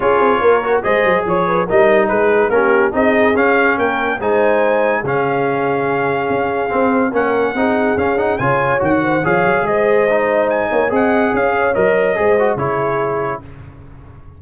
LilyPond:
<<
  \new Staff \with { instrumentName = "trumpet" } { \time 4/4 \tempo 4 = 143 cis''2 dis''4 cis''4 | dis''4 b'4 ais'4 dis''4 | f''4 g''4 gis''2 | f''1~ |
f''4 fis''2 f''8 fis''8 | gis''4 fis''4 f''4 dis''4~ | dis''4 gis''4 fis''4 f''4 | dis''2 cis''2 | }
  \new Staff \with { instrumentName = "horn" } { \time 4/4 gis'4 ais'4 c''4 cis''8 b'8 | ais'4 gis'4 g'4 gis'4~ | gis'4 ais'4 c''2 | gis'1~ |
gis'4 ais'4 gis'2 | cis''4. c''8 cis''4 c''4~ | c''4. cis''8 dis''4 cis''4~ | cis''4 c''4 gis'2 | }
  \new Staff \with { instrumentName = "trombone" } { \time 4/4 f'4. fis'8 gis'2 | dis'2 cis'4 dis'4 | cis'2 dis'2 | cis'1 |
c'4 cis'4 dis'4 cis'8 dis'8 | f'4 fis'4 gis'2 | dis'2 gis'2 | ais'4 gis'8 fis'8 e'2 | }
  \new Staff \with { instrumentName = "tuba" } { \time 4/4 cis'8 c'8 ais4 gis8 fis8 f4 | g4 gis4 ais4 c'4 | cis'4 ais4 gis2 | cis2. cis'4 |
c'4 ais4 c'4 cis'4 | cis4 dis4 f8 fis8 gis4~ | gis4. ais8 c'4 cis'4 | fis4 gis4 cis2 | }
>>